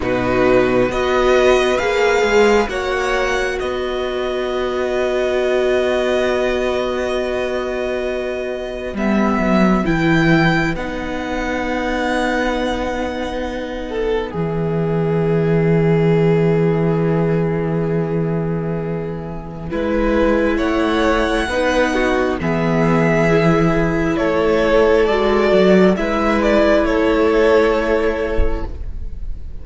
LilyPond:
<<
  \new Staff \with { instrumentName = "violin" } { \time 4/4 \tempo 4 = 67 b'4 dis''4 f''4 fis''4 | dis''1~ | dis''2 e''4 g''4 | fis''1 |
e''1~ | e''2. fis''4~ | fis''4 e''2 cis''4 | d''4 e''8 d''8 cis''2 | }
  \new Staff \with { instrumentName = "violin" } { \time 4/4 fis'4 b'2 cis''4 | b'1~ | b'1~ | b'2.~ b'8 a'8 |
gis'1~ | gis'2 b'4 cis''4 | b'8 fis'8 gis'2 a'4~ | a'4 b'4 a'2 | }
  \new Staff \with { instrumentName = "viola" } { \time 4/4 dis'4 fis'4 gis'4 fis'4~ | fis'1~ | fis'2 b4 e'4 | dis'1 |
b1~ | b2 e'2 | dis'4 b4 e'2 | fis'4 e'2. | }
  \new Staff \with { instrumentName = "cello" } { \time 4/4 b,4 b4 ais8 gis8 ais4 | b1~ | b2 g8 fis8 e4 | b1 |
e1~ | e2 gis4 a4 | b4 e2 a4 | gis8 fis8 gis4 a2 | }
>>